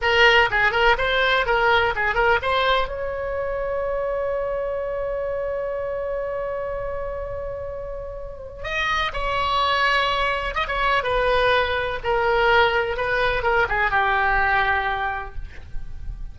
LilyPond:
\new Staff \with { instrumentName = "oboe" } { \time 4/4 \tempo 4 = 125 ais'4 gis'8 ais'8 c''4 ais'4 | gis'8 ais'8 c''4 cis''2~ | cis''1~ | cis''1~ |
cis''2 dis''4 cis''4~ | cis''2 dis''16 cis''8. b'4~ | b'4 ais'2 b'4 | ais'8 gis'8 g'2. | }